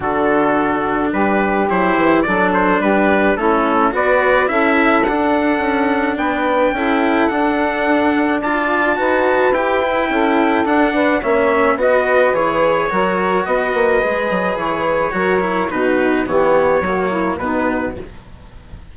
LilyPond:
<<
  \new Staff \with { instrumentName = "trumpet" } { \time 4/4 \tempo 4 = 107 a'2 b'4 c''4 | d''8 c''8 b'4 a'4 d''4 | e''4 fis''2 g''4~ | g''4 fis''2 a''4~ |
a''4 g''2 fis''4 | e''4 dis''4 cis''2 | dis''2 cis''2 | b'4 cis''2 b'4 | }
  \new Staff \with { instrumentName = "saxophone" } { \time 4/4 fis'2 g'2 | a'4 g'4 e'4 b'4 | a'2. b'4 | a'2. d''4 |
b'2 a'4. b'8 | cis''4 b'2 ais'4 | b'2. ais'4 | fis'4 g'4 fis'8 e'8 dis'4 | }
  \new Staff \with { instrumentName = "cello" } { \time 4/4 d'2. e'4 | d'2 cis'4 fis'4 | e'4 d'2. | e'4 d'2 f'4 |
fis'4 g'8 e'4. d'4 | cis'4 fis'4 gis'4 fis'4~ | fis'4 gis'2 fis'8 e'8 | dis'4 b4 ais4 b4 | }
  \new Staff \with { instrumentName = "bassoon" } { \time 4/4 d2 g4 fis8 e8 | fis4 g4 a4 b4 | cis'4 d'4 cis'4 b4 | cis'4 d'2. |
dis'4 e'4 cis'4 d'4 | ais4 b4 e4 fis4 | b8 ais8 gis8 fis8 e4 fis4 | b,4 e4 fis4 b,4 | }
>>